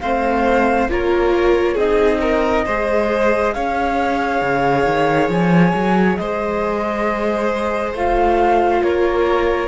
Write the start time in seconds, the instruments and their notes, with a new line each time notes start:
0.00 cello A3, viola C4, violin C5, flute F5
0.88 cello A#3, viola F4, violin A#4, flute C#5
1.74 cello C4, viola D#4, violin G#4, flute D#5
2.21 violin A#4
2.66 cello G#3, viola G#4, violin C5
3.53 cello C#4, violin C#5, flute F5
4.42 cello C#3
4.85 cello D#3
5.29 cello F3, flute G#5
5.74 cello F#3
6.16 cello G#3, violin C5, flute D#5
7.94 cello A3, viola F4, flute F5
8.83 cello A#3, violin A#4, flute C#5